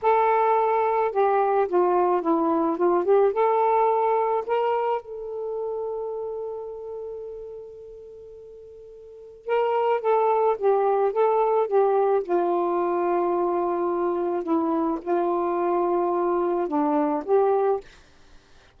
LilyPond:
\new Staff \with { instrumentName = "saxophone" } { \time 4/4 \tempo 4 = 108 a'2 g'4 f'4 | e'4 f'8 g'8 a'2 | ais'4 a'2.~ | a'1~ |
a'4 ais'4 a'4 g'4 | a'4 g'4 f'2~ | f'2 e'4 f'4~ | f'2 d'4 g'4 | }